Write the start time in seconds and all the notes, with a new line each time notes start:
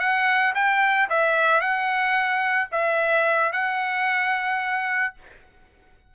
0.00 F#5
0.55 G5
1.10 E5
1.61 F#5
2.72 E5
3.53 F#5